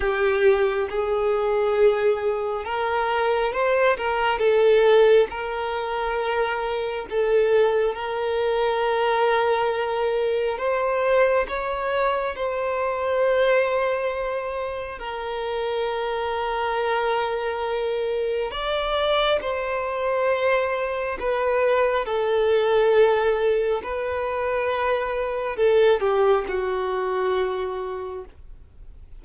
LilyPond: \new Staff \with { instrumentName = "violin" } { \time 4/4 \tempo 4 = 68 g'4 gis'2 ais'4 | c''8 ais'8 a'4 ais'2 | a'4 ais'2. | c''4 cis''4 c''2~ |
c''4 ais'2.~ | ais'4 d''4 c''2 | b'4 a'2 b'4~ | b'4 a'8 g'8 fis'2 | }